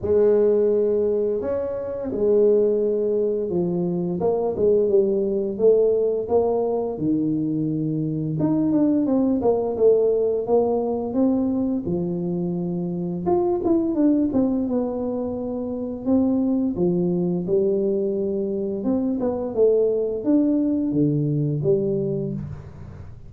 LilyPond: \new Staff \with { instrumentName = "tuba" } { \time 4/4 \tempo 4 = 86 gis2 cis'4 gis4~ | gis4 f4 ais8 gis8 g4 | a4 ais4 dis2 | dis'8 d'8 c'8 ais8 a4 ais4 |
c'4 f2 f'8 e'8 | d'8 c'8 b2 c'4 | f4 g2 c'8 b8 | a4 d'4 d4 g4 | }